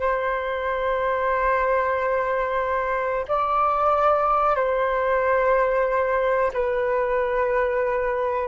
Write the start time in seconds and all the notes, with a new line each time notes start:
0.00 C5
3.28 D5
4.56 C5
6.53 B4